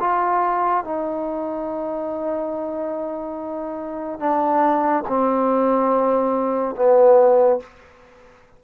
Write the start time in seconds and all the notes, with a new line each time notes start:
0.00 F4
0.85 D#4
4.19 D4
5.08 C4
6.75 B3